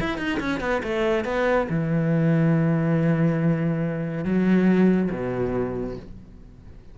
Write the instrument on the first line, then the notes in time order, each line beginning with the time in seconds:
cello
0.00 E4
0.18 D#4
0.40 C#4
0.60 B3
0.83 A3
1.25 B3
1.69 E3
4.25 F#3
5.11 B2